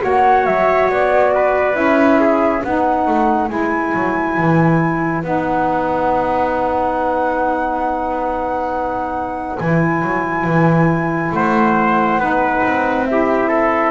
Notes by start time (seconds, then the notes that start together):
0.00 A#3 F#4 C#5 F#5
0.45 F#3 E5
0.89 B3 D5
1.34 B4
1.72 C#4 E4 E5
2.20 G#4
2.63 B3 D#4 B4 F#5
3.07 A3
3.48 G#3 E4 G#5
3.94 F#3
4.37 E3
5.23 B3 D#4 F#5
9.58 E3 E4 G#5
10.02 F#3
10.44 E3
11.31 A3 C5 F#5
12.18 B3 D#4 B4
12.63 C4
13.05 E4 G4 E5
13.48 A4